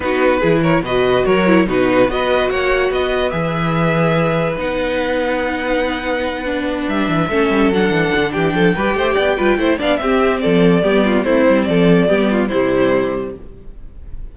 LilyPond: <<
  \new Staff \with { instrumentName = "violin" } { \time 4/4 \tempo 4 = 144 b'4. cis''8 dis''4 cis''4 | b'4 dis''4 fis''4 dis''4 | e''2. fis''4~ | fis''1~ |
fis''8 e''2 fis''4. | g''2.~ g''8 f''8 | e''4 d''2 c''4 | d''2 c''2 | }
  \new Staff \with { instrumentName = "violin" } { \time 4/4 fis'4 gis'8 ais'8 b'4 ais'4 | fis'4 b'4 cis''4 b'4~ | b'1~ | b'1~ |
b'4. a'2~ a'8 | g'8 a'8 b'8 c''8 d''8 b'8 c''8 d''8 | g'4 a'4 g'8 f'8 e'4 | a'4 g'8 f'8 e'2 | }
  \new Staff \with { instrumentName = "viola" } { \time 4/4 dis'4 e'4 fis'4. e'8 | dis'4 fis'2. | gis'2. dis'4~ | dis'2.~ dis'8 d'8~ |
d'4. cis'4 d'4.~ | d'4 g'4. f'8 e'8 d'8 | c'2 b4 c'4~ | c'4 b4 g2 | }
  \new Staff \with { instrumentName = "cello" } { \time 4/4 b4 e4 b,4 fis4 | b,4 b4 ais4 b4 | e2. b4~ | b1~ |
b8 g8 e8 a8 g8 fis8 e8 d8 | e8 f8 g8 a8 b8 g8 a8 b8 | c'4 f4 g4 a8 g8 | f4 g4 c2 | }
>>